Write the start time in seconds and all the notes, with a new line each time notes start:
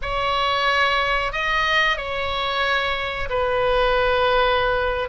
0.01 C#5
1.32 D#5
1.97 C#5
3.29 B4